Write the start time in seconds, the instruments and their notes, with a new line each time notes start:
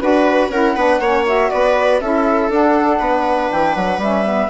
0.00 bassoon D4, saxophone F#4, flute B4, viola B4
0.49 bassoon C#4, saxophone E4, viola A#4, flute F#5
0.76 bassoon B3, saxophone D4, viola B4
1.00 bassoon A#3, saxophone C#4, viola C#5
1.26 saxophone F#4, flute E5
1.50 bassoon B3, viola B4, flute D5
2.00 bassoon C#4, saxophone E4, viola A4, flute E5
2.49 saxophone D4, bassoon D4, flute F#5
2.99 bassoon B3, viola B4
3.52 bassoon E3, flute G5
3.75 bassoon F#3, flute F#5
3.98 bassoon G3, saxophone C#4, flute E5
4.25 saxophone B3